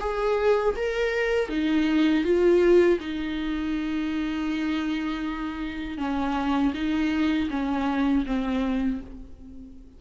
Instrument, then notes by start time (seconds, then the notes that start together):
viola
0.00 G#4
0.76 A#4
1.49 D#4
2.24 F4
3.00 D#4
5.98 C#4
6.74 D#4
7.50 C#4
8.26 C4